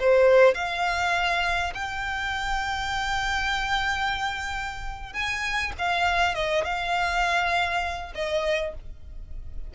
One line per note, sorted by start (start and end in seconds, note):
0.00 0.55 C5
0.55 1.74 F5
1.75 5.14 G5
5.14 5.73 G#5
5.79 6.35 F5
6.35 6.65 D#5
6.65 8.13 F5
8.15 8.75 D#5